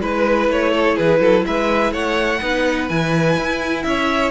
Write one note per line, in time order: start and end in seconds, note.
0.00 0.48 G#3
0.00 2.40 E4
0.00 0.50 B4
0.00 0.72 B4
0.48 0.96 A3
0.48 0.97 C#5
0.72 0.96 A4
0.96 1.20 E3
0.96 1.20 G#4
0.96 1.46 B4
1.20 1.44 F#3
1.20 1.45 A4
1.47 1.92 G#3
1.47 1.93 B4
1.47 1.94 E5
1.92 2.40 A3
1.92 2.41 C#5
1.92 2.89 F#5
2.41 2.90 B3
2.41 2.89 D#4
2.41 3.85 B4
2.89 3.38 E3
2.89 4.31 E4
2.89 3.83 G#5
3.38 3.85 E4
3.83 4.31 C#4
3.83 4.31 C#5
3.83 4.31 E5